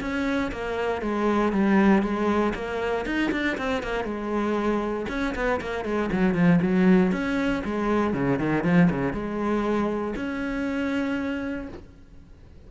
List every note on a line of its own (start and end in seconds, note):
0.00 0.51 C#4
0.52 1.01 A#3
1.01 1.52 G#3
1.52 2.02 G3
2.02 2.53 G#3
2.54 3.05 A#3
3.05 3.31 D#4
3.31 3.57 D4
3.57 3.82 C4
3.82 4.04 A#3
4.04 5.06 G#3
5.08 5.34 C#4
5.35 5.60 B3
5.60 5.85 A#3
5.85 6.10 G#3
6.12 6.34 F#3
6.34 6.59 F3
6.62 7.12 F#3
7.12 7.62 C#4
7.65 8.14 G#3
8.14 8.39 C#3
8.39 8.64 D#3
8.64 8.89 F3
8.90 9.12 C#3
9.12 10.14 G#3
10.16 11.68 C#4